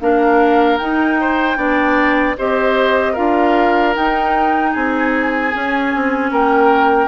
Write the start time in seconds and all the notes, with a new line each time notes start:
0.00 A#3 D4 A#4 F5
0.77 D#4 G5
1.20 C5
1.56 B3 D4 D5
2.37 C4 G4 C5 D#5
3.12 D4 F4 A#4 F5
3.94 D#4 G5
4.73 C4 G#4 G#5
5.52 C#4
5.94 C4
6.31 A#3 A#4 G5